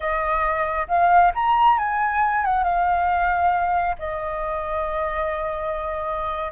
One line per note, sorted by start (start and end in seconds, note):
0.00 0.87 D#5
0.88 1.32 F5
1.34 1.78 A#5
1.78 2.44 G#5
2.44 2.63 F#5
2.63 3.95 F5
3.98 6.52 D#5